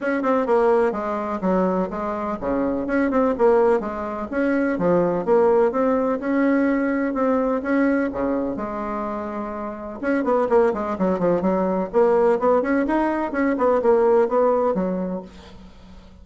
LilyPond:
\new Staff \with { instrumentName = "bassoon" } { \time 4/4 \tempo 4 = 126 cis'8 c'8 ais4 gis4 fis4 | gis4 cis4 cis'8 c'8 ais4 | gis4 cis'4 f4 ais4 | c'4 cis'2 c'4 |
cis'4 cis4 gis2~ | gis4 cis'8 b8 ais8 gis8 fis8 f8 | fis4 ais4 b8 cis'8 dis'4 | cis'8 b8 ais4 b4 fis4 | }